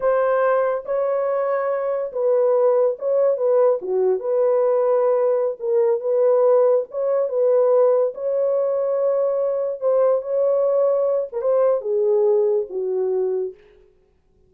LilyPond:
\new Staff \with { instrumentName = "horn" } { \time 4/4 \tempo 4 = 142 c''2 cis''2~ | cis''4 b'2 cis''4 | b'4 fis'4 b'2~ | b'4~ b'16 ais'4 b'4.~ b'16~ |
b'16 cis''4 b'2 cis''8.~ | cis''2.~ cis''16 c''8.~ | c''16 cis''2~ cis''8 ais'16 c''4 | gis'2 fis'2 | }